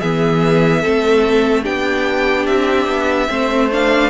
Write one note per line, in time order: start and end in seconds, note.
0.00 0.84 E3
0.00 0.83 B3
0.00 0.82 G#4
0.00 1.64 E5
0.82 1.66 A3
0.82 1.63 C4
0.82 1.63 A4
1.63 2.47 B3
1.63 3.27 D4
1.63 3.27 G4
1.63 2.46 G5
2.46 2.86 C4
2.46 3.69 E5
2.86 3.27 B3
3.27 4.10 A3
3.27 3.68 C4
3.27 4.10 C5
3.71 4.10 D4
3.71 4.10 F5